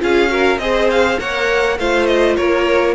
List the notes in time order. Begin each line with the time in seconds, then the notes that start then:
0.00 C#4 F4 G#4 F5
0.28 F#4 A#4
0.59 C4 G#4 C5 D#5
0.91 F5
1.18 A#3 A#4 C#5 F#5
1.79 A3 F4 C5 F5
2.07 D#5
2.37 A#3 A#4 C#5